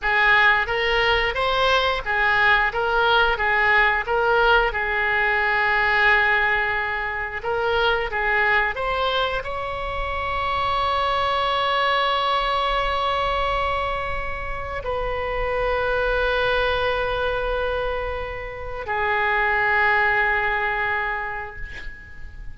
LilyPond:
\new Staff \with { instrumentName = "oboe" } { \time 4/4 \tempo 4 = 89 gis'4 ais'4 c''4 gis'4 | ais'4 gis'4 ais'4 gis'4~ | gis'2. ais'4 | gis'4 c''4 cis''2~ |
cis''1~ | cis''2 b'2~ | b'1 | gis'1 | }